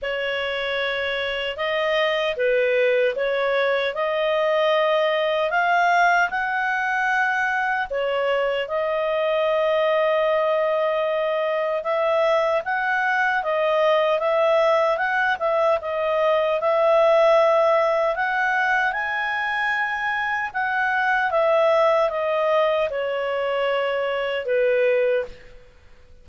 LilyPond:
\new Staff \with { instrumentName = "clarinet" } { \time 4/4 \tempo 4 = 76 cis''2 dis''4 b'4 | cis''4 dis''2 f''4 | fis''2 cis''4 dis''4~ | dis''2. e''4 |
fis''4 dis''4 e''4 fis''8 e''8 | dis''4 e''2 fis''4 | gis''2 fis''4 e''4 | dis''4 cis''2 b'4 | }